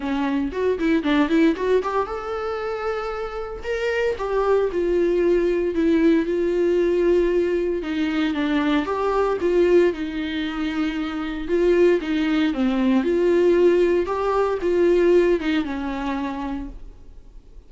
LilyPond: \new Staff \with { instrumentName = "viola" } { \time 4/4 \tempo 4 = 115 cis'4 fis'8 e'8 d'8 e'8 fis'8 g'8 | a'2. ais'4 | g'4 f'2 e'4 | f'2. dis'4 |
d'4 g'4 f'4 dis'4~ | dis'2 f'4 dis'4 | c'4 f'2 g'4 | f'4. dis'8 cis'2 | }